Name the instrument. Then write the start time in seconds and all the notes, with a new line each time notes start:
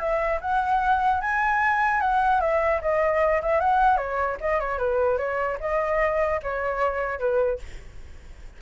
flute
0.00 E5
0.41 F#5
1.22 G#5
2.01 F#5
2.41 E5
2.82 D#5
3.42 E5
3.61 F#5
3.97 C#5
4.41 D#5
4.60 C#5
4.79 B4
5.18 C#5
5.61 D#5
6.43 C#5
7.19 B4